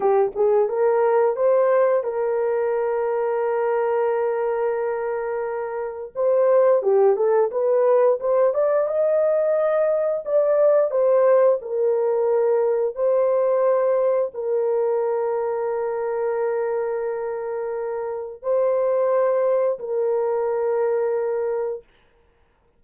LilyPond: \new Staff \with { instrumentName = "horn" } { \time 4/4 \tempo 4 = 88 g'8 gis'8 ais'4 c''4 ais'4~ | ais'1~ | ais'4 c''4 g'8 a'8 b'4 | c''8 d''8 dis''2 d''4 |
c''4 ais'2 c''4~ | c''4 ais'2.~ | ais'2. c''4~ | c''4 ais'2. | }